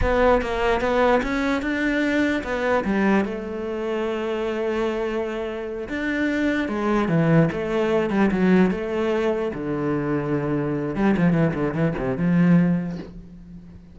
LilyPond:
\new Staff \with { instrumentName = "cello" } { \time 4/4 \tempo 4 = 148 b4 ais4 b4 cis'4 | d'2 b4 g4 | a1~ | a2~ a8 d'4.~ |
d'8 gis4 e4 a4. | g8 fis4 a2 d8~ | d2. g8 f8 | e8 d8 e8 c8 f2 | }